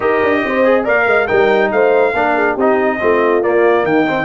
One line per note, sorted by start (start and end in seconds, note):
0.00 0.20 D#4
0.00 0.64 G4
0.00 0.43 A#4
0.00 0.84 D#5
0.22 0.44 D4
0.45 0.86 C4
0.45 0.84 C5
0.64 0.84 G#4
0.84 1.06 A#3
0.84 1.27 A#4
0.84 1.05 D5
0.84 1.27 F5
1.06 1.28 G#3
1.06 1.27 D#5
1.27 1.72 G3
1.27 2.13 D#4
1.27 1.70 A#4
1.27 1.70 G5
1.71 2.13 A3
1.71 2.16 C5
1.71 2.57 F5
2.13 2.56 A#3
2.13 2.58 D4
2.13 2.35 A#4
2.35 2.54 G#4
2.54 2.99 C4
2.54 2.99 D#4
2.54 2.97 G4
2.54 3.43 D#5
2.99 3.44 A3
2.99 3.42 C4
2.99 3.87 F4
3.42 4.06 A#3
3.42 3.84 A#3
3.42 3.85 D5
3.84 4.25 D#3
3.84 4.25 D#4
3.84 4.25 G5
4.07 4.25 C4